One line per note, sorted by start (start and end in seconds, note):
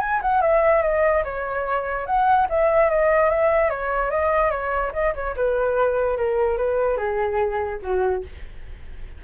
0.00 0.21 G#5
0.22 0.41 F#5
0.41 0.82 E5
0.82 1.23 D#5
1.24 2.06 C#5
2.06 2.47 F#5
2.50 2.90 E5
2.90 3.30 D#5
3.30 3.70 E5
3.70 4.11 C#5
4.11 4.51 D#5
4.51 4.92 C#5
4.93 5.14 D#5
5.15 5.36 C#5
5.36 6.17 B4
6.17 6.58 A#4
6.58 6.97 B4
6.97 7.79 G#4
7.82 8.23 F#4